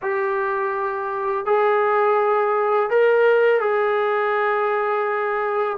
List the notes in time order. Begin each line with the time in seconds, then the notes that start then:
0.02 G4
1.45 G#4
2.89 A#4
3.60 G#4